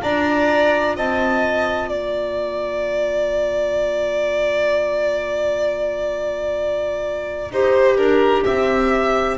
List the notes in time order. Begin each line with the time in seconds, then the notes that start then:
0.00 D4 F4 D5 A#5
0.96 C4 D#5 A5
1.89 A#3 D5 A#5
7.50 D#4 G4 C5
7.97 D4 A#4
8.45 C4 E5